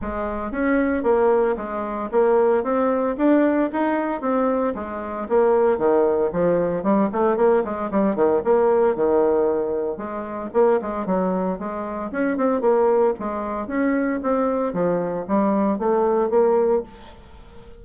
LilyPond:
\new Staff \with { instrumentName = "bassoon" } { \time 4/4 \tempo 4 = 114 gis4 cis'4 ais4 gis4 | ais4 c'4 d'4 dis'4 | c'4 gis4 ais4 dis4 | f4 g8 a8 ais8 gis8 g8 dis8 |
ais4 dis2 gis4 | ais8 gis8 fis4 gis4 cis'8 c'8 | ais4 gis4 cis'4 c'4 | f4 g4 a4 ais4 | }